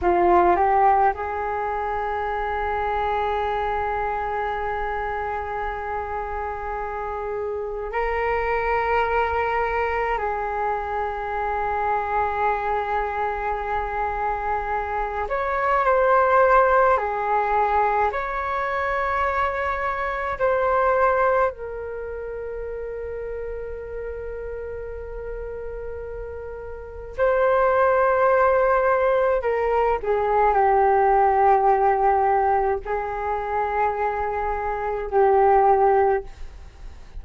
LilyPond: \new Staff \with { instrumentName = "flute" } { \time 4/4 \tempo 4 = 53 f'8 g'8 gis'2.~ | gis'2. ais'4~ | ais'4 gis'2.~ | gis'4. cis''8 c''4 gis'4 |
cis''2 c''4 ais'4~ | ais'1 | c''2 ais'8 gis'8 g'4~ | g'4 gis'2 g'4 | }